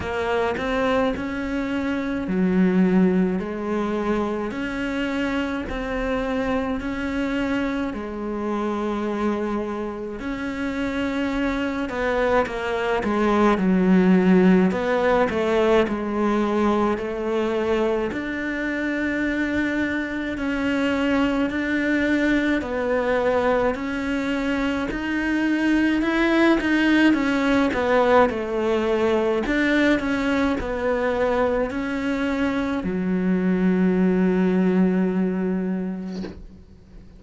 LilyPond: \new Staff \with { instrumentName = "cello" } { \time 4/4 \tempo 4 = 53 ais8 c'8 cis'4 fis4 gis4 | cis'4 c'4 cis'4 gis4~ | gis4 cis'4. b8 ais8 gis8 | fis4 b8 a8 gis4 a4 |
d'2 cis'4 d'4 | b4 cis'4 dis'4 e'8 dis'8 | cis'8 b8 a4 d'8 cis'8 b4 | cis'4 fis2. | }